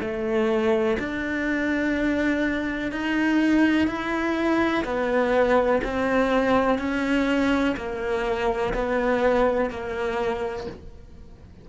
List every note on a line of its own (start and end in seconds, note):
0.00 0.97 A3
0.99 2.92 D4
2.92 3.87 D#4
3.87 4.84 E4
4.84 5.81 B3
5.83 6.78 C4
6.78 7.75 C#4
7.76 8.73 A#3
8.74 9.70 B3
9.70 10.66 A#3